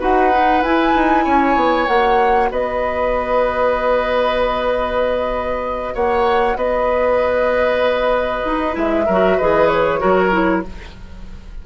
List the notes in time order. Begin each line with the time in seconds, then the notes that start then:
0.00 D#4 F#4 B4 F#5
0.32 D#4
0.63 E4 G#5
0.95 D#4
1.24 C#4 C#5
1.56 B3
1.88 A#3 F#4 F#5
2.51 B3 B4 D#5
5.95 A#3 C#5 F#5
6.56 B3 B4 D#5
8.45 D#4
8.73 G#3 E4 E5
9.06 F#3 F#4 A#4
9.37 E3 G#4 B4 D#5
9.68 C#5
10.00 F#3 F#4 A#4
10.32 E4